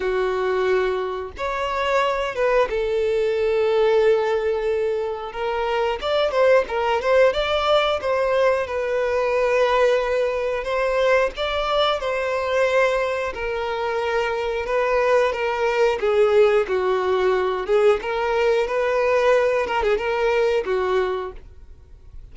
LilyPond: \new Staff \with { instrumentName = "violin" } { \time 4/4 \tempo 4 = 90 fis'2 cis''4. b'8 | a'1 | ais'4 d''8 c''8 ais'8 c''8 d''4 | c''4 b'2. |
c''4 d''4 c''2 | ais'2 b'4 ais'4 | gis'4 fis'4. gis'8 ais'4 | b'4. ais'16 gis'16 ais'4 fis'4 | }